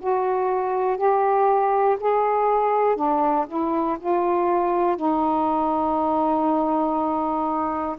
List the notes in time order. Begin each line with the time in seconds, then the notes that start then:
0.00 F#4
0.97 G4
2.00 G#4
2.96 D4
3.48 E4
3.99 F4
4.96 D#4